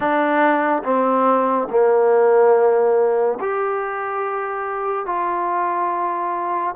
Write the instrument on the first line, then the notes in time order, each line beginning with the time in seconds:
trombone
0.00 D4
0.83 C4
1.69 A#3
3.40 G4
5.06 F4